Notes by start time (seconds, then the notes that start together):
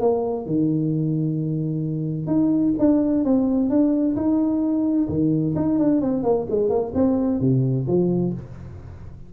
0.00 A#3
0.46 D#3
2.27 D#4
2.79 D4
3.24 C4
3.69 D4
4.16 D#4
5.09 D#3
5.56 D#4
5.78 D4
6.01 C4
6.23 A#3
6.50 G#3
6.69 A#3
6.94 C4
7.40 C3
7.87 F3